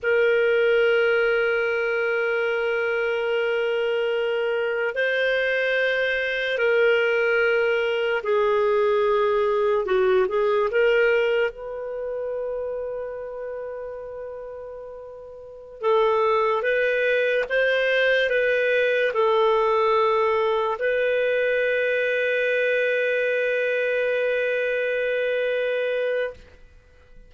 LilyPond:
\new Staff \with { instrumentName = "clarinet" } { \time 4/4 \tempo 4 = 73 ais'1~ | ais'2 c''2 | ais'2 gis'2 | fis'8 gis'8 ais'4 b'2~ |
b'2.~ b'16 a'8.~ | a'16 b'4 c''4 b'4 a'8.~ | a'4~ a'16 b'2~ b'8.~ | b'1 | }